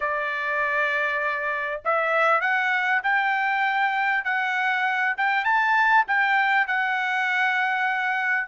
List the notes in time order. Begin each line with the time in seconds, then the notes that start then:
0.00 D5
1.84 E5
2.40 F#5
3.03 G5
4.24 F#5
5.17 G5
5.44 A5
6.07 G5
6.67 F#5